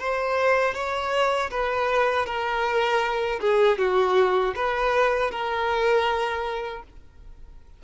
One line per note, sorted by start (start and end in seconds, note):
0.00 0.75 C5
0.75 1.51 C#5
1.51 2.26 B4
2.26 3.40 A#4
3.41 3.78 G#4
3.78 4.54 F#4
4.56 5.31 B4
5.31 6.83 A#4